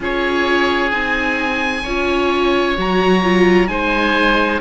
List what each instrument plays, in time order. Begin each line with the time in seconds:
0.00 cello C#4, viola F4, oboe G#4 C#5
0.91 cello C4, viola D#4, oboe G#5
1.82 cello C#4, viola F4, oboe C#5
2.76 cello F#3, viola F#4, oboe A#5
3.23 viola F4
3.67 cello G#3, viola D#4, oboe C5 G#5